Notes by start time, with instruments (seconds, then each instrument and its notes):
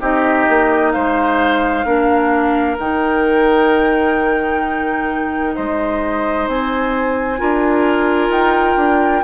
0.00 bassoon C4, clarinet D#4, oboe G4, flute D#5
0.49 bassoon A#3
0.92 bassoon G#3, oboe C5, flute F5
1.84 bassoon A#3, clarinet D4, oboe A#4
2.78 bassoon D#3, clarinet D#4, flute G5
5.55 bassoon G#3, oboe C5, flute D#5
6.47 bassoon C4, flute G#5
7.38 bassoon D4, clarinet F4, oboe A#4
8.29 bassoon D#4, flute G5
8.76 bassoon D4